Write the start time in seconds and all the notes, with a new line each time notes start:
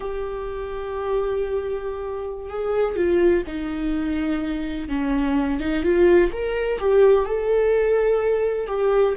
0.00 G4
2.49 G#4
2.96 F4
3.46 D#4
4.88 C#4
5.60 D#4
5.83 F4
6.32 A#4
6.79 G4
7.25 A4
8.67 G4